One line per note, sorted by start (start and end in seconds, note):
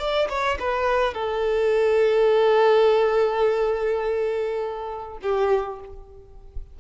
0.00 0.29 D5
0.29 0.58 C#5
0.60 1.14 B4
1.14 5.18 A4
5.23 5.80 G4